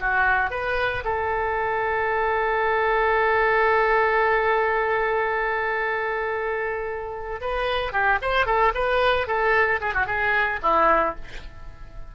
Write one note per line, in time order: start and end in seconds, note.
0.00 0.50 F#4
0.50 1.04 B4
1.04 7.41 A4
7.41 7.92 B4
7.92 8.19 G4
8.22 8.46 C5
8.46 8.73 A4
8.75 9.27 B4
9.27 9.80 A4
9.81 9.94 G#4
9.94 10.06 F#4
10.06 10.60 G#4
10.62 11.16 E4